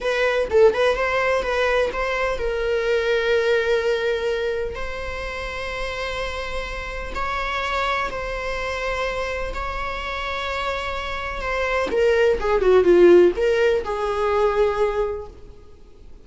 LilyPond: \new Staff \with { instrumentName = "viola" } { \time 4/4 \tempo 4 = 126 b'4 a'8 b'8 c''4 b'4 | c''4 ais'2.~ | ais'2 c''2~ | c''2. cis''4~ |
cis''4 c''2. | cis''1 | c''4 ais'4 gis'8 fis'8 f'4 | ais'4 gis'2. | }